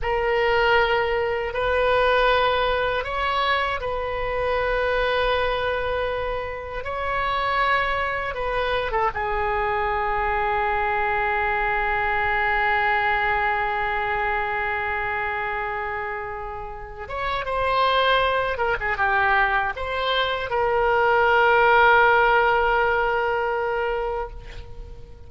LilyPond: \new Staff \with { instrumentName = "oboe" } { \time 4/4 \tempo 4 = 79 ais'2 b'2 | cis''4 b'2.~ | b'4 cis''2 b'8. a'16 | gis'1~ |
gis'1~ | gis'2~ gis'8 cis''8 c''4~ | c''8 ais'16 gis'16 g'4 c''4 ais'4~ | ais'1 | }